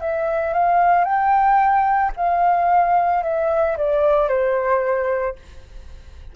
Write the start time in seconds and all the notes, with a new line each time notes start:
0.00 E5
0.53 F5
1.04 G5
2.16 F5
3.23 E5
3.77 D5
4.28 C5